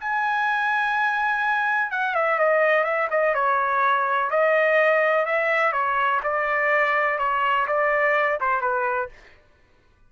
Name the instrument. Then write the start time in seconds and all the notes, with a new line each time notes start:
trumpet
0.00 G#5
1.91 F#5
2.15 E5
2.39 D#5
2.84 E5
3.10 D#5
3.34 C#5
4.30 D#5
5.25 E5
5.72 C#5
6.23 D5
7.18 C#5
7.67 D5
8.40 C5
8.61 B4